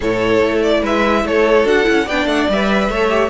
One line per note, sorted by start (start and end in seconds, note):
0.00 0.42 A2
0.00 1.64 E4
0.00 0.80 A4
0.00 0.62 C#5
0.42 0.83 A3
0.62 0.83 D5
0.81 1.24 G#3
0.81 1.23 B4
0.81 1.26 E5
1.24 1.64 A3
1.24 2.05 A4
1.24 1.67 C#5
1.64 1.85 D4
1.64 1.84 F#4
1.64 2.08 F#5
1.84 2.08 C#4
1.84 2.04 E4
2.05 2.26 B3
2.05 2.52 D4
2.05 2.88 D5
2.05 2.27 G5
2.26 2.46 A3
2.26 2.47 F#5
2.49 2.89 G3
2.49 2.91 B4
2.49 3.29 E5
2.89 3.29 A3
2.89 3.09 A4
2.89 3.29 C#5
3.09 3.29 G4